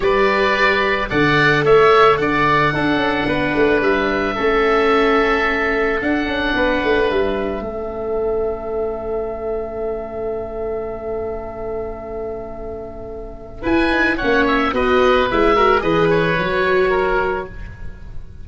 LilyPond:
<<
  \new Staff \with { instrumentName = "oboe" } { \time 4/4 \tempo 4 = 110 d''2 fis''4 e''4 | fis''2. e''4~ | e''2. fis''4~ | fis''4 e''2.~ |
e''1~ | e''1~ | e''4 gis''4 fis''8 e''8 dis''4 | e''4 dis''8 cis''2~ cis''8 | }
  \new Staff \with { instrumentName = "oboe" } { \time 4/4 b'2 d''4 cis''4 | d''4 a'4 b'2 | a'1 | b'2 a'2~ |
a'1~ | a'1~ | a'4 b'4 cis''4 b'4~ | b'8 ais'8 b'2 ais'4 | }
  \new Staff \with { instrumentName = "viola" } { \time 4/4 g'2 a'2~ | a'4 d'2. | cis'2. d'4~ | d'2 cis'2~ |
cis'1~ | cis'1~ | cis'4 e'8 dis'8 cis'4 fis'4 | e'8 fis'8 gis'4 fis'2 | }
  \new Staff \with { instrumentName = "tuba" } { \time 4/4 g2 d4 a4 | d4 d'8 cis'8 b8 a8 g4 | a2. d'8 cis'8 | b8 a8 g4 a2~ |
a1~ | a1~ | a4 e'4 ais4 b4 | gis4 e4 fis2 | }
>>